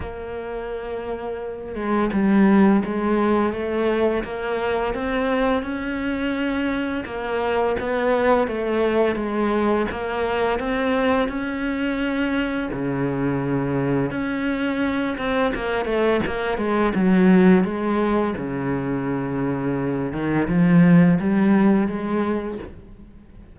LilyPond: \new Staff \with { instrumentName = "cello" } { \time 4/4 \tempo 4 = 85 ais2~ ais8 gis8 g4 | gis4 a4 ais4 c'4 | cis'2 ais4 b4 | a4 gis4 ais4 c'4 |
cis'2 cis2 | cis'4. c'8 ais8 a8 ais8 gis8 | fis4 gis4 cis2~ | cis8 dis8 f4 g4 gis4 | }